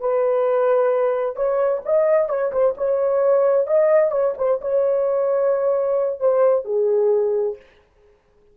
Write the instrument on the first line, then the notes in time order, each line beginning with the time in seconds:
horn
0.00 B4
1.36 C#5
1.85 D#5
2.29 C#5
2.52 C5
2.78 C#5
3.67 D#5
4.11 C#5
4.38 C5
4.61 C#5
6.20 C5
6.65 G#4